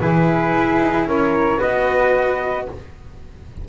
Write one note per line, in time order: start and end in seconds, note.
0.00 0.54 E3
0.00 1.58 E4
0.00 1.07 G#4
0.00 1.08 B4
0.54 0.80 E4
0.80 1.06 D#4
1.06 1.59 C#4
1.06 1.58 A#4
1.06 1.61 C#5
1.58 2.69 B3
1.58 2.65 F#4
1.58 2.65 B4
1.58 2.68 D#5